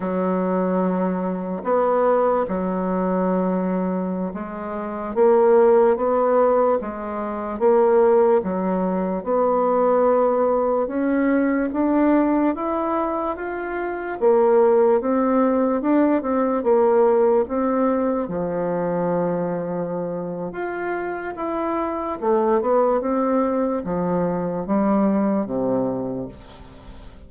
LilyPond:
\new Staff \with { instrumentName = "bassoon" } { \time 4/4 \tempo 4 = 73 fis2 b4 fis4~ | fis4~ fis16 gis4 ais4 b8.~ | b16 gis4 ais4 fis4 b8.~ | b4~ b16 cis'4 d'4 e'8.~ |
e'16 f'4 ais4 c'4 d'8 c'16~ | c'16 ais4 c'4 f4.~ f16~ | f4 f'4 e'4 a8 b8 | c'4 f4 g4 c4 | }